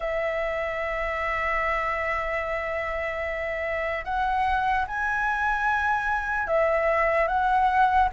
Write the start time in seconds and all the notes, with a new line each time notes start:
0.00 E5
4.04 F#5
4.86 G#5
6.46 E5
7.27 F#5